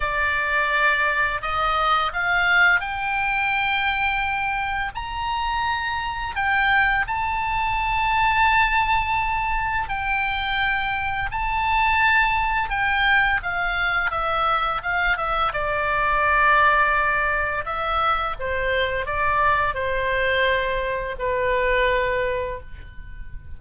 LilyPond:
\new Staff \with { instrumentName = "oboe" } { \time 4/4 \tempo 4 = 85 d''2 dis''4 f''4 | g''2. ais''4~ | ais''4 g''4 a''2~ | a''2 g''2 |
a''2 g''4 f''4 | e''4 f''8 e''8 d''2~ | d''4 e''4 c''4 d''4 | c''2 b'2 | }